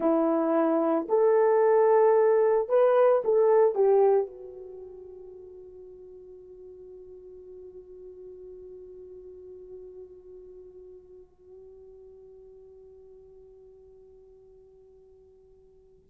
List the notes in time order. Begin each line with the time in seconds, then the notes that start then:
0.00 E4
1.08 A4
2.68 B4
3.24 A4
3.75 G4
4.26 F#4